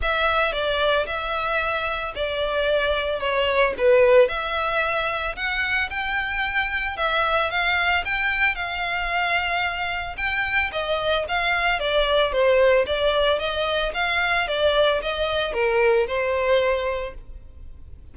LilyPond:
\new Staff \with { instrumentName = "violin" } { \time 4/4 \tempo 4 = 112 e''4 d''4 e''2 | d''2 cis''4 b'4 | e''2 fis''4 g''4~ | g''4 e''4 f''4 g''4 |
f''2. g''4 | dis''4 f''4 d''4 c''4 | d''4 dis''4 f''4 d''4 | dis''4 ais'4 c''2 | }